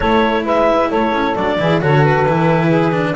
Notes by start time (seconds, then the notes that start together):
0.00 A3 E4 A4 C#5
0.45 G#3 B4 E5
0.89 A3 A4 C#5
1.11 C#4
1.35 F#3 D4 D5
1.58 E3 E4 G#4
1.80 D3 F#4 A4 C#5
2.04 B4
2.25 E3 E4
2.67 G#4
2.92 D4